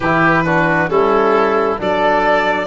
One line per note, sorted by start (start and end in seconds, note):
0.00 0.89 E3
0.00 0.45 E4
0.00 0.43 G4
0.00 0.89 B4
0.45 0.89 D4
0.45 0.89 F#4
0.89 1.78 G3
0.89 1.78 C#4
0.89 1.80 E4
0.89 1.78 A4
1.78 2.66 F#3
1.78 2.66 D4
1.78 2.66 A4
1.78 2.66 D5